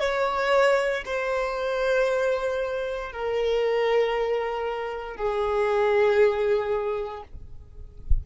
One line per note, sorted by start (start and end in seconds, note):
0.00 1.03 C#5
1.05 3.12 C5
3.12 5.16 A#4
5.16 7.23 G#4